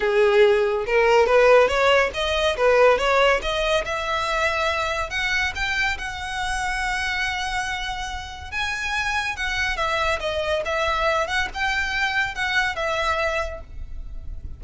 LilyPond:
\new Staff \with { instrumentName = "violin" } { \time 4/4 \tempo 4 = 141 gis'2 ais'4 b'4 | cis''4 dis''4 b'4 cis''4 | dis''4 e''2. | fis''4 g''4 fis''2~ |
fis''1 | gis''2 fis''4 e''4 | dis''4 e''4. fis''8 g''4~ | g''4 fis''4 e''2 | }